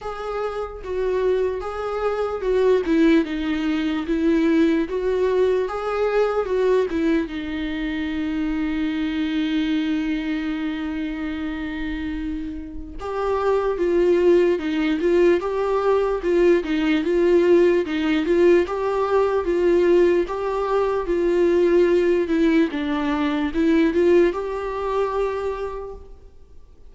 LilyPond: \new Staff \with { instrumentName = "viola" } { \time 4/4 \tempo 4 = 74 gis'4 fis'4 gis'4 fis'8 e'8 | dis'4 e'4 fis'4 gis'4 | fis'8 e'8 dis'2.~ | dis'1 |
g'4 f'4 dis'8 f'8 g'4 | f'8 dis'8 f'4 dis'8 f'8 g'4 | f'4 g'4 f'4. e'8 | d'4 e'8 f'8 g'2 | }